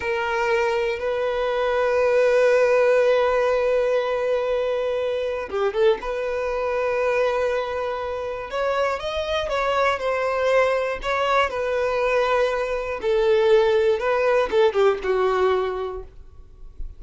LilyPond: \new Staff \with { instrumentName = "violin" } { \time 4/4 \tempo 4 = 120 ais'2 b'2~ | b'1~ | b'2. g'8 a'8 | b'1~ |
b'4 cis''4 dis''4 cis''4 | c''2 cis''4 b'4~ | b'2 a'2 | b'4 a'8 g'8 fis'2 | }